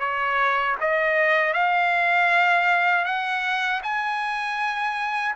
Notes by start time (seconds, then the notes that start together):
0.00 C#5
0.81 D#5
1.54 F5
3.05 F#5
3.83 G#5